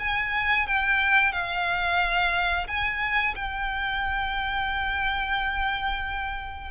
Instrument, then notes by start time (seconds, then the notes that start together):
violin
0.00 G#5
0.67 G5
1.33 F5
2.68 G#5
3.36 G5